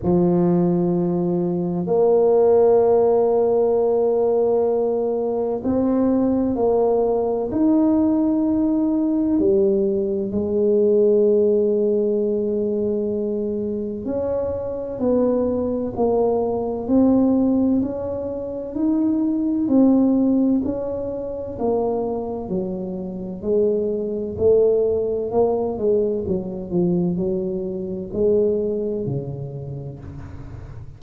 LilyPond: \new Staff \with { instrumentName = "tuba" } { \time 4/4 \tempo 4 = 64 f2 ais2~ | ais2 c'4 ais4 | dis'2 g4 gis4~ | gis2. cis'4 |
b4 ais4 c'4 cis'4 | dis'4 c'4 cis'4 ais4 | fis4 gis4 a4 ais8 gis8 | fis8 f8 fis4 gis4 cis4 | }